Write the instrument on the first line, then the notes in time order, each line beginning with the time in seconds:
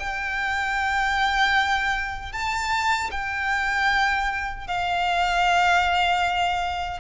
violin
0.00 G5
2.33 A5
3.12 G5
4.68 F5